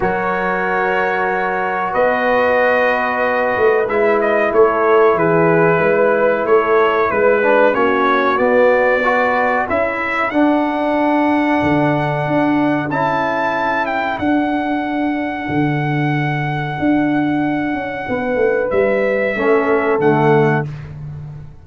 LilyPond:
<<
  \new Staff \with { instrumentName = "trumpet" } { \time 4/4 \tempo 4 = 93 cis''2. dis''4~ | dis''2 e''8 dis''8 cis''4 | b'2 cis''4 b'4 | cis''4 d''2 e''4 |
fis''1 | a''4. g''8 fis''2~ | fis''1~ | fis''4 e''2 fis''4 | }
  \new Staff \with { instrumentName = "horn" } { \time 4/4 ais'2. b'4~ | b'2. a'4 | gis'4 b'4 a'4 b'4 | fis'2 b'4 a'4~ |
a'1~ | a'1~ | a'1 | b'2 a'2 | }
  \new Staff \with { instrumentName = "trombone" } { \time 4/4 fis'1~ | fis'2 e'2~ | e'2.~ e'8 d'8 | cis'4 b4 fis'4 e'4 |
d'1 | e'2 d'2~ | d'1~ | d'2 cis'4 a4 | }
  \new Staff \with { instrumentName = "tuba" } { \time 4/4 fis2. b4~ | b4. a8 gis4 a4 | e4 gis4 a4 gis4 | ais4 b2 cis'4 |
d'2 d4 d'4 | cis'2 d'2 | d2 d'4. cis'8 | b8 a8 g4 a4 d4 | }
>>